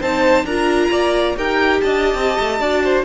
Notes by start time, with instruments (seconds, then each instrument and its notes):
0.00 cello C4, viola D#4, violin C5 A5
0.44 cello D4, viola F4, violin A#4 A#5
0.90 cello A#3, violin D5
1.36 cello D#4, viola G4, violin A#4 G5
1.81 cello D4, violin D#5 A5
2.14 cello C4
2.39 cello A3
2.59 cello D4, viola F#4, violin D5
2.84 violin C5